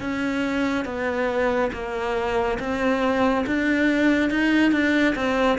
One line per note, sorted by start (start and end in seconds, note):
0.00 0.85 C#4
0.85 1.71 B3
1.73 2.58 A#3
2.59 3.45 C4
3.46 4.30 D4
4.30 4.72 D#4
4.72 5.15 D4
5.15 5.58 C4